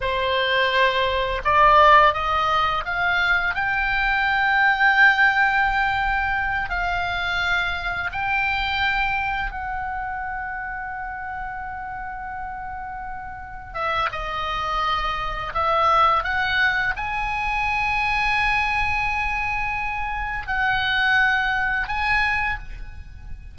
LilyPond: \new Staff \with { instrumentName = "oboe" } { \time 4/4 \tempo 4 = 85 c''2 d''4 dis''4 | f''4 g''2.~ | g''4. f''2 g''8~ | g''4. fis''2~ fis''8~ |
fis''2.~ fis''8 e''8 | dis''2 e''4 fis''4 | gis''1~ | gis''4 fis''2 gis''4 | }